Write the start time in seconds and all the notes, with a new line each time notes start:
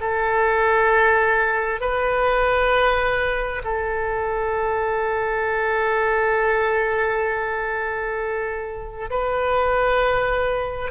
0.00 A4
1.80 B4
3.64 A4
9.10 B4